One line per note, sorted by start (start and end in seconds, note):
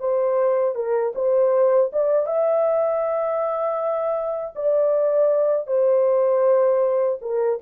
0.00 0.76 C5
0.76 1.14 A#4
1.15 1.91 C5
1.93 2.27 D5
2.27 4.55 E5
4.56 5.67 D5
5.67 7.19 C5
7.22 7.59 A#4